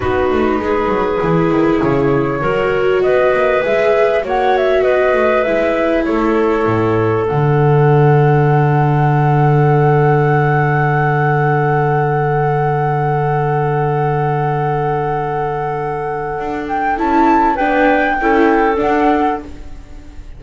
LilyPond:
<<
  \new Staff \with { instrumentName = "flute" } { \time 4/4 \tempo 4 = 99 b'2. cis''4~ | cis''4 dis''4 e''4 fis''8 e''8 | dis''4 e''4 cis''2 | fis''1~ |
fis''1~ | fis''1~ | fis''2.~ fis''8 g''8 | a''4 g''2 fis''4 | }
  \new Staff \with { instrumentName = "clarinet" } { \time 4/4 fis'4 gis'2. | ais'4 b'2 cis''4 | b'2 a'2~ | a'1~ |
a'1~ | a'1~ | a'1~ | a'4 b'4 a'2 | }
  \new Staff \with { instrumentName = "viola" } { \time 4/4 dis'2 e'2 | fis'2 gis'4 fis'4~ | fis'4 e'2. | d'1~ |
d'1~ | d'1~ | d'1 | e'4 d'4 e'4 d'4 | }
  \new Staff \with { instrumentName = "double bass" } { \time 4/4 b8 a8 gis8 fis8 e8 dis8 cis4 | fis4 b8 ais8 gis4 ais4 | b8 a8 gis4 a4 a,4 | d1~ |
d1~ | d1~ | d2. d'4 | cis'4 b4 cis'4 d'4 | }
>>